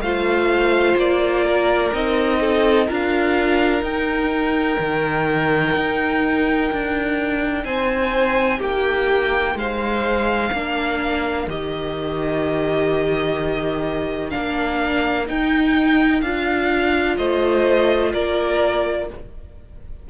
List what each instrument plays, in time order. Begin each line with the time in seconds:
0.00 cello A3, viola F4, violin C5 F5
0.96 cello A#3, violin D5
1.44 violin A#4
1.92 cello C4, viola D#4, violin D#5
2.40 violin A4
2.87 cello D4, viola F4, violin A#4 F5
3.82 cello D#4, viola D#4, violin G5
4.79 cello D#3
5.76 cello D#4
6.72 cello D4
7.64 cello C4, violin C5 G#5
8.58 cello A#3, violin G4 G5
9.55 cello G#3, violin C5 F5
10.51 cello A#3, viola D4, violin A#4
11.47 cello D#3, viola G4, violin D#5
14.30 cello A#3, viola D4, violin F5
15.26 viola D#4, cello D#4, violin G5
16.21 cello D4, viola F4, violin F5
17.17 cello A3, violin C5 D#5
18.12 cello A#3, violin A#4 D5